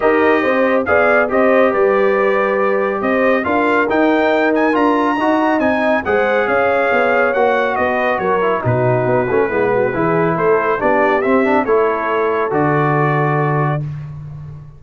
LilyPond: <<
  \new Staff \with { instrumentName = "trumpet" } { \time 4/4 \tempo 4 = 139 dis''2 f''4 dis''4 | d''2. dis''4 | f''4 g''4. gis''8 ais''4~ | ais''4 gis''4 fis''4 f''4~ |
f''4 fis''4 dis''4 cis''4 | b'1 | c''4 d''4 e''4 cis''4~ | cis''4 d''2. | }
  \new Staff \with { instrumentName = "horn" } { \time 4/4 ais'4 c''4 d''4 c''4 | b'2. c''4 | ais'1 | dis''2 c''4 cis''4~ |
cis''2 b'4 ais'4 | fis'2 e'8 fis'8 gis'4 | a'4 g'2 a'4~ | a'1 | }
  \new Staff \with { instrumentName = "trombone" } { \time 4/4 g'2 gis'4 g'4~ | g'1 | f'4 dis'2 f'4 | fis'4 dis'4 gis'2~ |
gis'4 fis'2~ fis'8 e'8 | dis'4. cis'8 b4 e'4~ | e'4 d'4 c'8 d'8 e'4~ | e'4 fis'2. | }
  \new Staff \with { instrumentName = "tuba" } { \time 4/4 dis'4 c'4 b4 c'4 | g2. c'4 | d'4 dis'2 d'4 | dis'4 c'4 gis4 cis'4 |
b4 ais4 b4 fis4 | b,4 b8 a8 gis4 e4 | a4 b4 c'4 a4~ | a4 d2. | }
>>